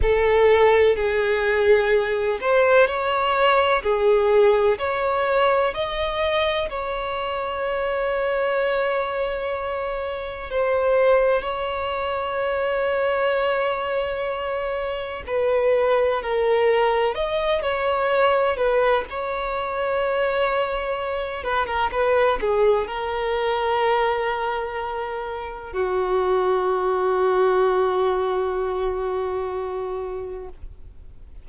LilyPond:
\new Staff \with { instrumentName = "violin" } { \time 4/4 \tempo 4 = 63 a'4 gis'4. c''8 cis''4 | gis'4 cis''4 dis''4 cis''4~ | cis''2. c''4 | cis''1 |
b'4 ais'4 dis''8 cis''4 b'8 | cis''2~ cis''8 b'16 ais'16 b'8 gis'8 | ais'2. fis'4~ | fis'1 | }